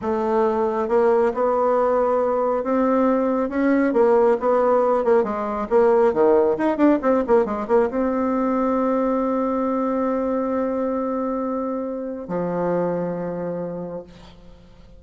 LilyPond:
\new Staff \with { instrumentName = "bassoon" } { \time 4/4 \tempo 4 = 137 a2 ais4 b4~ | b2 c'2 | cis'4 ais4 b4. ais8 | gis4 ais4 dis4 dis'8 d'8 |
c'8 ais8 gis8 ais8 c'2~ | c'1~ | c'1 | f1 | }